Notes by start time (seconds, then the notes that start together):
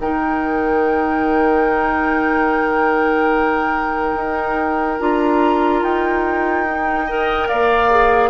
0.00 D#3 D#4 A#4 G5
4.15 D#4
5.00 D4 F4 A#5
5.83 D#4 G5
6.68 D#4
7.06 A#4 D#5
7.48 A#3 D5 F5
7.91 G#4